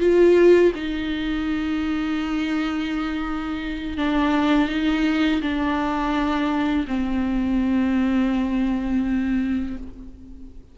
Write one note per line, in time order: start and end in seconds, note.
0.00 0.72 F4
0.75 3.97 D#4
3.97 4.69 D4
4.69 5.41 D#4
5.41 6.86 D4
6.87 9.77 C4